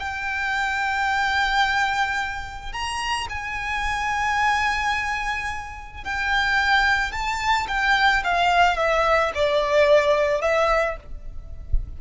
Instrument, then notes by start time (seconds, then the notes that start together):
violin
0.00 G5
2.73 A#5
3.30 G#5
6.05 G5
7.13 A5
7.68 G5
8.24 F5
8.77 E5
9.35 D5
10.42 E5